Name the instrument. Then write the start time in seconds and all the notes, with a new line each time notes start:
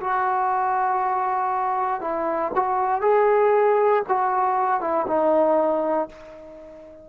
trombone
0.00 F#4
2.01 E4
2.55 F#4
3.01 G#4
4.08 F#4
4.81 E4
5.07 D#4